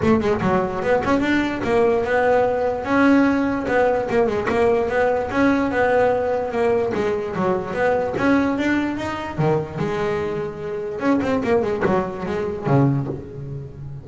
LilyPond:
\new Staff \with { instrumentName = "double bass" } { \time 4/4 \tempo 4 = 147 a8 gis8 fis4 b8 cis'8 d'4 | ais4 b2 cis'4~ | cis'4 b4 ais8 gis8 ais4 | b4 cis'4 b2 |
ais4 gis4 fis4 b4 | cis'4 d'4 dis'4 dis4 | gis2. cis'8 c'8 | ais8 gis8 fis4 gis4 cis4 | }